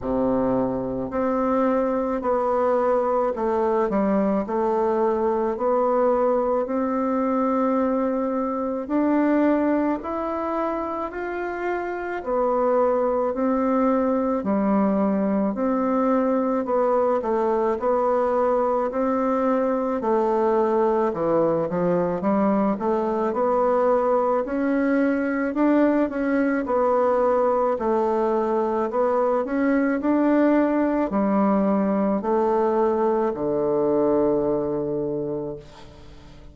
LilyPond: \new Staff \with { instrumentName = "bassoon" } { \time 4/4 \tempo 4 = 54 c4 c'4 b4 a8 g8 | a4 b4 c'2 | d'4 e'4 f'4 b4 | c'4 g4 c'4 b8 a8 |
b4 c'4 a4 e8 f8 | g8 a8 b4 cis'4 d'8 cis'8 | b4 a4 b8 cis'8 d'4 | g4 a4 d2 | }